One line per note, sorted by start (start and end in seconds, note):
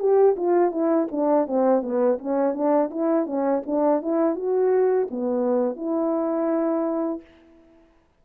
0.00 0.36 G4
0.37 0.72 F4
0.72 1.08 E4
1.12 1.48 D4
1.48 1.83 C4
1.83 2.19 B3
2.19 2.54 C#4
2.54 2.90 D4
2.91 3.27 E4
3.27 3.63 C#4
3.67 4.03 D4
4.03 4.36 E4
4.36 5.08 F#4
5.11 5.77 B3
5.77 7.22 E4